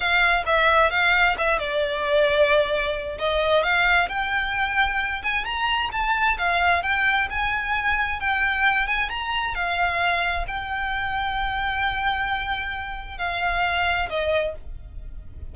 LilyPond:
\new Staff \with { instrumentName = "violin" } { \time 4/4 \tempo 4 = 132 f''4 e''4 f''4 e''8 d''8~ | d''2. dis''4 | f''4 g''2~ g''8 gis''8 | ais''4 a''4 f''4 g''4 |
gis''2 g''4. gis''8 | ais''4 f''2 g''4~ | g''1~ | g''4 f''2 dis''4 | }